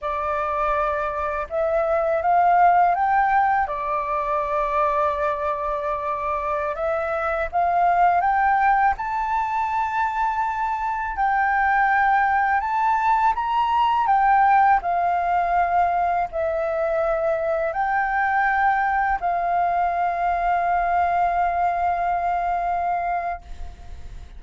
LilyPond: \new Staff \with { instrumentName = "flute" } { \time 4/4 \tempo 4 = 82 d''2 e''4 f''4 | g''4 d''2.~ | d''4~ d''16 e''4 f''4 g''8.~ | g''16 a''2. g''8.~ |
g''4~ g''16 a''4 ais''4 g''8.~ | g''16 f''2 e''4.~ e''16~ | e''16 g''2 f''4.~ f''16~ | f''1 | }